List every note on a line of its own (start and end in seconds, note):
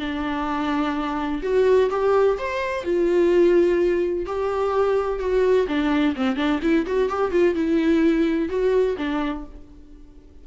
0.00 1.42 D4
1.43 1.90 F#4
1.91 2.38 G4
2.39 2.85 C5
2.85 4.26 F4
4.26 5.20 G4
5.20 5.67 F#4
5.68 6.16 D4
6.16 6.37 C4
6.37 6.60 D4
6.63 6.87 E4
6.87 7.10 F#4
7.10 7.32 G4
7.32 7.55 F4
7.55 8.49 E4
8.49 8.97 F#4
8.98 9.45 D4